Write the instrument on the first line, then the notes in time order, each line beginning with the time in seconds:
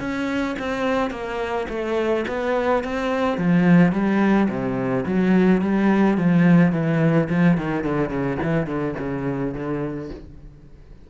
cello
0.00 C#4
0.59 C4
1.11 A#3
1.69 A3
2.28 B3
2.84 C4
3.38 F3
3.92 G3
4.49 C3
5.06 F#3
5.62 G3
6.17 F3
6.72 E3
7.29 F3
7.58 D#3
7.84 D3
8.10 C#3
8.43 E3
8.67 D3
8.99 C#3
9.54 D3